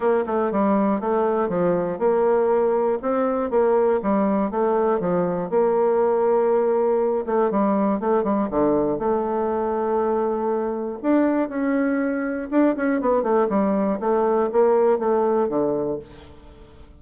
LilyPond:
\new Staff \with { instrumentName = "bassoon" } { \time 4/4 \tempo 4 = 120 ais8 a8 g4 a4 f4 | ais2 c'4 ais4 | g4 a4 f4 ais4~ | ais2~ ais8 a8 g4 |
a8 g8 d4 a2~ | a2 d'4 cis'4~ | cis'4 d'8 cis'8 b8 a8 g4 | a4 ais4 a4 d4 | }